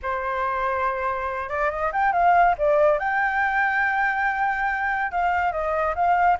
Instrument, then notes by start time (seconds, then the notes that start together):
flute
0.02 C5
1.49 D5
1.70 D#5
1.92 G5
2.12 F5
2.57 D5
2.98 G5
5.11 F5
5.52 D#5
5.95 F5